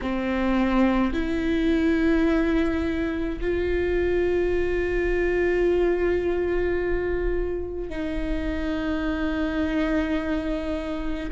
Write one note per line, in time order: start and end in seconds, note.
0.01 1.13 C4
1.13 3.39 E4
3.40 7.89 F4
7.89 11.29 D#4